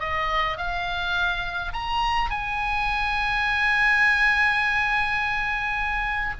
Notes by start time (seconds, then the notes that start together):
0.00 D#5
0.57 F5
1.73 A#5
2.31 G#5